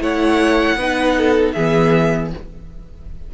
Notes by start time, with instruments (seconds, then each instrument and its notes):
0.00 cello A3, viola E4, violin C#5 F#5
0.75 cello B3, viola D#4, violin B4
1.17 violin A4
1.52 cello E3, viola B3, violin G#4 E5